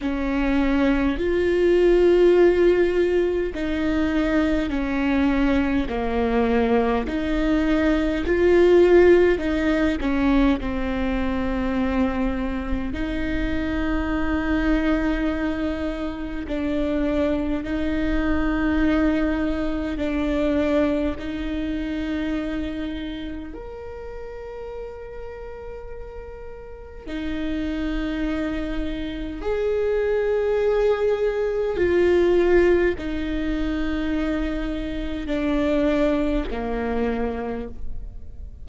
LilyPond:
\new Staff \with { instrumentName = "viola" } { \time 4/4 \tempo 4 = 51 cis'4 f'2 dis'4 | cis'4 ais4 dis'4 f'4 | dis'8 cis'8 c'2 dis'4~ | dis'2 d'4 dis'4~ |
dis'4 d'4 dis'2 | ais'2. dis'4~ | dis'4 gis'2 f'4 | dis'2 d'4 ais4 | }